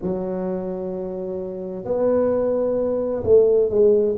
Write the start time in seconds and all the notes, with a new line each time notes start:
0.02 F#3
1.85 B3
3.23 A3
3.69 G#3